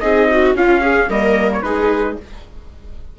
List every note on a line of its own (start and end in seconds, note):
0.00 0.54 C4
0.00 0.54 D#4
0.00 0.29 G#4
0.00 0.54 D#5
0.31 0.58 F#4
0.54 1.08 C#4
0.54 0.81 F4
0.54 1.10 F5
0.81 1.08 G#4
1.09 1.63 G3
1.09 1.63 A#3
1.09 1.63 A#4
1.09 1.51 D#5
1.53 1.62 C#5
1.62 2.17 G#3
1.62 2.17 D#4
1.62 2.19 G#4
1.62 2.16 B4